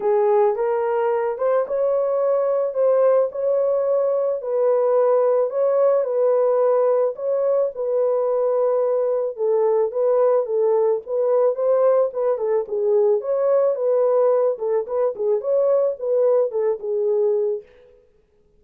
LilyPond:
\new Staff \with { instrumentName = "horn" } { \time 4/4 \tempo 4 = 109 gis'4 ais'4. c''8 cis''4~ | cis''4 c''4 cis''2 | b'2 cis''4 b'4~ | b'4 cis''4 b'2~ |
b'4 a'4 b'4 a'4 | b'4 c''4 b'8 a'8 gis'4 | cis''4 b'4. a'8 b'8 gis'8 | cis''4 b'4 a'8 gis'4. | }